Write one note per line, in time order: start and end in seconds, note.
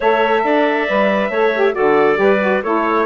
0.00 0.43 A3
0.00 0.88 A4
0.00 0.43 C#5
0.00 1.74 E5
0.43 0.87 D4
0.43 1.30 D5
0.88 1.29 G3
0.88 1.31 B4
1.29 1.73 A3
1.29 1.54 A4
1.29 1.74 C#5
1.55 1.72 G4
1.72 2.15 F#4
1.72 2.18 A4
1.72 2.62 D5
1.79 2.17 D3
2.15 2.61 G3
2.15 2.37 G4
2.15 2.63 B4
2.41 2.62 F#4
2.63 3.05 A3
2.63 3.05 E4
2.63 3.05 A4
2.63 3.05 C#5